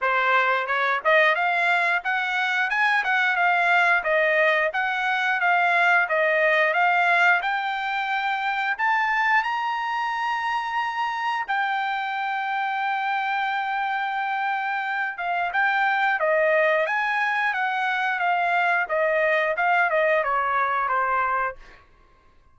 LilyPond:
\new Staff \with { instrumentName = "trumpet" } { \time 4/4 \tempo 4 = 89 c''4 cis''8 dis''8 f''4 fis''4 | gis''8 fis''8 f''4 dis''4 fis''4 | f''4 dis''4 f''4 g''4~ | g''4 a''4 ais''2~ |
ais''4 g''2.~ | g''2~ g''8 f''8 g''4 | dis''4 gis''4 fis''4 f''4 | dis''4 f''8 dis''8 cis''4 c''4 | }